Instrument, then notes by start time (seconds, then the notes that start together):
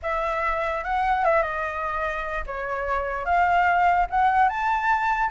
flute
0.02 E5
0.84 F#5
1.24 E5
1.42 D#5
2.46 C#5
3.25 F5
4.09 F#5
4.48 A5